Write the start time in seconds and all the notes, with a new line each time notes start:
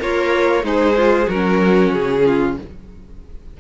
0.00 A#3 F4 A#4 C#5
0.63 G#3 D#4 G#4 C5
0.97 F4
1.27 F#3 C#4 F#4 A#4
1.93 C#3 G#4
2.26 F4